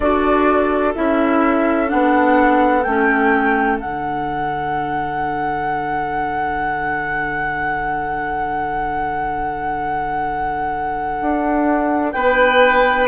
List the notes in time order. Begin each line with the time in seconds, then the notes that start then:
0.00 D4 F#4 A4 D5
0.95 C#4 E4 E5
1.87 B3 D4 F#5
2.83 A3 C#4 G5
3.80 D3 D4 F#5
11.21 D4
12.12 B3 B4 G5